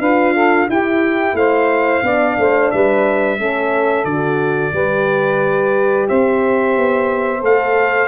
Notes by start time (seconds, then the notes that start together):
0.00 D4 F4 B4 F5
0.34 A4
0.69 E4 G4 G5
1.34 A3 C5 F5
2.03 B3 D4 D5
2.38 A3 C5
2.72 G3 B4 E5
3.38 A3 C#4 A4
4.05 D3 F#4 D5
4.73 G3 G4 B4
6.09 C4 C5 E5
6.77 B3
7.41 A3 A4 F5